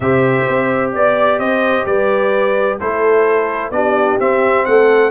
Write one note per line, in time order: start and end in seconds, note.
0.00 0.43 C3
0.00 2.79 G4
0.00 0.93 C5
0.00 0.91 E5
0.48 0.95 C4
0.93 1.38 B3
0.93 1.39 D5
1.38 1.85 C4
1.38 1.86 C5
1.38 1.85 D#5
1.85 2.78 G3
1.85 2.78 B4
1.85 2.78 D5
2.78 3.71 A3
2.78 3.72 E4
2.78 3.72 A4
2.78 3.71 C5
3.71 4.17 B3
3.71 4.19 D4
3.71 4.66 G4
3.71 4.17 D5
4.19 5.10 C4
4.19 4.66 C4
4.19 4.65 E5
4.65 5.10 A3
4.65 5.10 A4
4.65 5.10 F#5